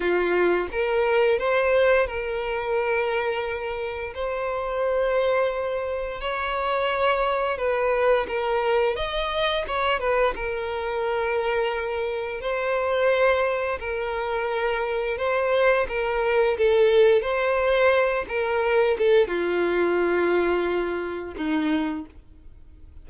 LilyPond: \new Staff \with { instrumentName = "violin" } { \time 4/4 \tempo 4 = 87 f'4 ais'4 c''4 ais'4~ | ais'2 c''2~ | c''4 cis''2 b'4 | ais'4 dis''4 cis''8 b'8 ais'4~ |
ais'2 c''2 | ais'2 c''4 ais'4 | a'4 c''4. ais'4 a'8 | f'2. dis'4 | }